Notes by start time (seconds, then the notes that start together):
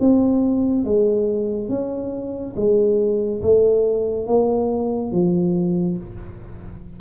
0.00 C4
0.84 G#3
1.69 C#4
2.56 G#3
3.42 A3
4.27 A#3
5.12 F3